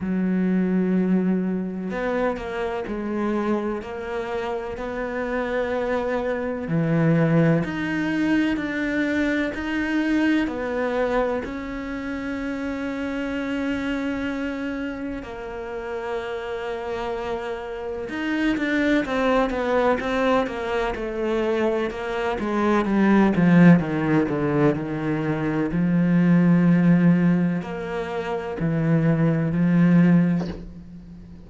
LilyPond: \new Staff \with { instrumentName = "cello" } { \time 4/4 \tempo 4 = 63 fis2 b8 ais8 gis4 | ais4 b2 e4 | dis'4 d'4 dis'4 b4 | cis'1 |
ais2. dis'8 d'8 | c'8 b8 c'8 ais8 a4 ais8 gis8 | g8 f8 dis8 d8 dis4 f4~ | f4 ais4 e4 f4 | }